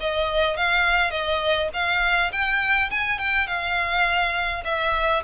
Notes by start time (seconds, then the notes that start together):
0.00 D#5
0.57 F5
1.11 D#5
1.73 F5
2.32 G5
2.90 G#5
3.19 G5
3.47 F5
4.64 E5